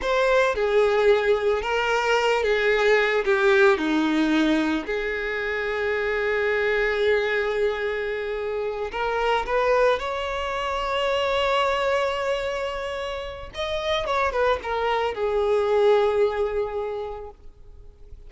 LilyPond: \new Staff \with { instrumentName = "violin" } { \time 4/4 \tempo 4 = 111 c''4 gis'2 ais'4~ | ais'8 gis'4. g'4 dis'4~ | dis'4 gis'2.~ | gis'1~ |
gis'8 ais'4 b'4 cis''4.~ | cis''1~ | cis''4 dis''4 cis''8 b'8 ais'4 | gis'1 | }